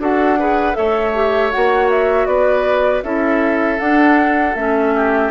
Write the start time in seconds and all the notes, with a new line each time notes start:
0.00 D4 F#4 A4 F#5
0.40 G#4 B4
0.73 A3 A4 C#5 E5
1.15 G4
1.52 A#3 F#4 F#5
1.91 E5
2.26 B3 B4 D5
3.03 C#4 E4 A4 E5
3.79 D4 F#5
4.56 A3 C#4 E5
4.96 G4